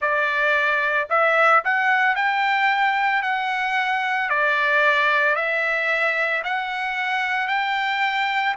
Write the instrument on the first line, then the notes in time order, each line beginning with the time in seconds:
trumpet
0.01 D5
1.10 E5
1.64 F#5
2.15 G5
3.22 F#5
4.29 D5
5.35 E5
6.44 F#5
7.47 G5